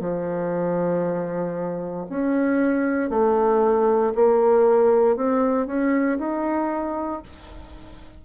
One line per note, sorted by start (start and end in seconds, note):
0.00 2.07 F3
2.10 3.10 C#4
3.10 4.14 A3
4.15 5.17 A#3
5.17 5.67 C4
5.67 6.18 C#4
6.19 7.22 D#4